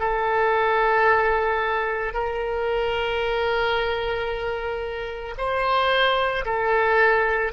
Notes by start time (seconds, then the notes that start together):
0.00 A4
2.14 A#4
5.38 C5
6.46 A4